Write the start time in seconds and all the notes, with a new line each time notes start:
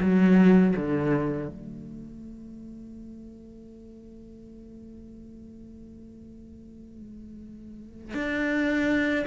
0.00 F#3
0.76 D3
1.48 A3
8.14 D4